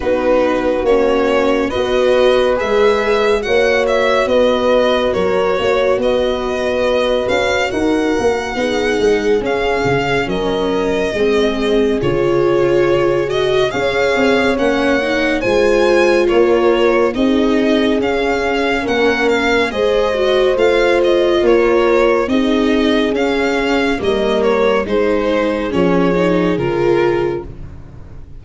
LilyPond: <<
  \new Staff \with { instrumentName = "violin" } { \time 4/4 \tempo 4 = 70 b'4 cis''4 dis''4 e''4 | fis''8 e''8 dis''4 cis''4 dis''4~ | dis''8 f''8 fis''2 f''4 | dis''2 cis''4. dis''8 |
f''4 fis''4 gis''4 cis''4 | dis''4 f''4 fis''8 f''8 dis''4 | f''8 dis''8 cis''4 dis''4 f''4 | dis''8 cis''8 c''4 cis''4 ais'4 | }
  \new Staff \with { instrumentName = "horn" } { \time 4/4 fis'2 b'2 | cis''4 b'4 ais'8 cis''8 b'4~ | b'4 ais'4 gis'2 | ais'4 gis'2. |
cis''2 c''4 ais'4 | gis'2 ais'4 c''4~ | c''4 ais'4 gis'2 | ais'4 gis'2. | }
  \new Staff \with { instrumentName = "viola" } { \time 4/4 dis'4 cis'4 fis'4 gis'4 | fis'1~ | fis'2 dis'4 cis'4~ | cis'4 c'4 f'4. fis'8 |
gis'4 cis'8 dis'8 f'2 | dis'4 cis'2 gis'8 fis'8 | f'2 dis'4 cis'4 | ais4 dis'4 cis'8 dis'8 f'4 | }
  \new Staff \with { instrumentName = "tuba" } { \time 4/4 b4 ais4 b4 gis4 | ais4 b4 fis8 ais8 b4~ | b8 cis'8 dis'8 ais8 b8 gis8 cis'8 cis8 | fis4 gis4 cis2 |
cis'8 c'8 ais4 gis4 ais4 | c'4 cis'4 ais4 gis4 | a4 ais4 c'4 cis'4 | g4 gis4 f4 cis4 | }
>>